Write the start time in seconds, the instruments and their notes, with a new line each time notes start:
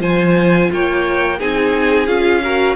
0.00 cello F3, viola F4, violin C5 G#5
0.73 cello A#3, violin C#5 G5
1.38 cello C4, viola D#4, violin G#4 G#5
2.07 cello C#4, viola F4, violin F5
2.44 viola F#4, violin A#4